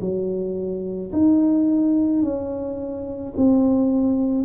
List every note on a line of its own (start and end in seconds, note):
0.00 1.11 F#3
1.12 2.22 D#4
2.22 3.33 C#4
3.36 4.44 C4